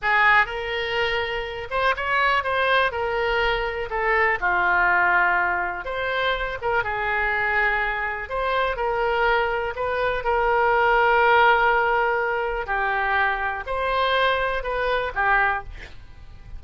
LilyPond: \new Staff \with { instrumentName = "oboe" } { \time 4/4 \tempo 4 = 123 gis'4 ais'2~ ais'8 c''8 | cis''4 c''4 ais'2 | a'4 f'2. | c''4. ais'8 gis'2~ |
gis'4 c''4 ais'2 | b'4 ais'2.~ | ais'2 g'2 | c''2 b'4 g'4 | }